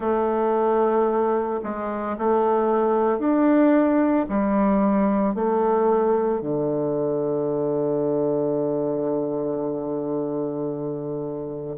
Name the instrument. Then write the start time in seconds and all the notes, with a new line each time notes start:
bassoon
0.00 A3
1.63 G#3
2.17 A3
3.19 D4
4.29 G3
5.35 A3
6.40 D3